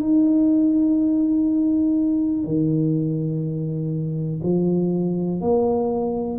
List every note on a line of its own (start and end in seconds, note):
0.00 2.44 D#4
2.44 4.41 D#3
4.43 5.41 F3
5.41 6.39 A#3